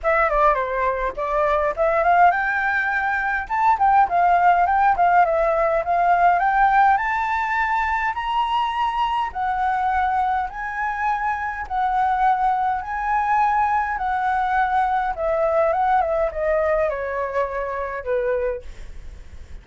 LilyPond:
\new Staff \with { instrumentName = "flute" } { \time 4/4 \tempo 4 = 103 e''8 d''8 c''4 d''4 e''8 f''8 | g''2 a''8 g''8 f''4 | g''8 f''8 e''4 f''4 g''4 | a''2 ais''2 |
fis''2 gis''2 | fis''2 gis''2 | fis''2 e''4 fis''8 e''8 | dis''4 cis''2 b'4 | }